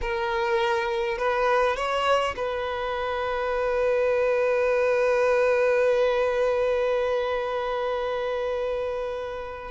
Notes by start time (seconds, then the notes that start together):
0.01 A#4
1.18 B4
1.76 C#5
2.36 B4